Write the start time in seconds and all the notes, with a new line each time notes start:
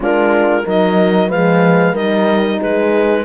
0.00 G#3 D4 F4 A#4
0.64 F#3 D#4 A#4 D#5
1.28 F3 G#3 B4 F5
1.92 G3 D#4 A#4 D#5
2.59 G#3 G#4 B4